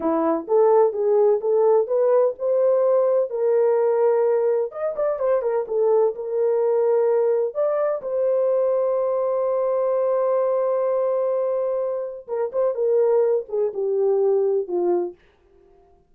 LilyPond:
\new Staff \with { instrumentName = "horn" } { \time 4/4 \tempo 4 = 127 e'4 a'4 gis'4 a'4 | b'4 c''2 ais'4~ | ais'2 dis''8 d''8 c''8 ais'8 | a'4 ais'2. |
d''4 c''2.~ | c''1~ | c''2 ais'8 c''8 ais'4~ | ais'8 gis'8 g'2 f'4 | }